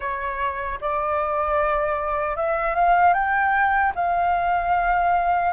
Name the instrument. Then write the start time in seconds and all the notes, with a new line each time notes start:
flute
0.00 C#5
0.80 D5
2.36 E5
2.75 F5
3.13 G5
3.95 F5